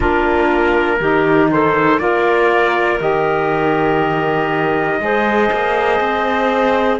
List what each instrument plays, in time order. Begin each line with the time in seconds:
0.00 cello A#3, saxophone D4, clarinet F4, trumpet A#4
1.00 cello D#3, saxophone D#4, clarinet G4
1.51 clarinet A4, trumpet C5
1.98 cello A#3, saxophone F4, clarinet A#4, trumpet D5
2.99 cello D#3, saxophone G4, trumpet D#5
4.99 cello G#3, saxophone G#4, clarinet C5
5.51 cello A#3
6.00 cello C4